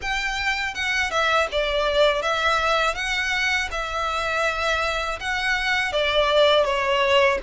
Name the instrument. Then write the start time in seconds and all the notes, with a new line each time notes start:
violin
0.01 G5
0.74 F#5
1.10 E5
1.51 D5
2.22 E5
2.95 F#5
3.71 E5
5.20 F#5
5.92 D5
6.64 C#5